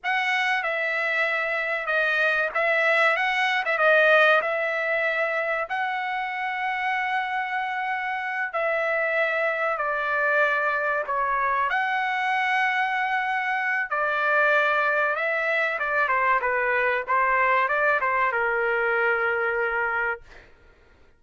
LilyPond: \new Staff \with { instrumentName = "trumpet" } { \time 4/4 \tempo 4 = 95 fis''4 e''2 dis''4 | e''4 fis''8. e''16 dis''4 e''4~ | e''4 fis''2.~ | fis''4. e''2 d''8~ |
d''4. cis''4 fis''4.~ | fis''2 d''2 | e''4 d''8 c''8 b'4 c''4 | d''8 c''8 ais'2. | }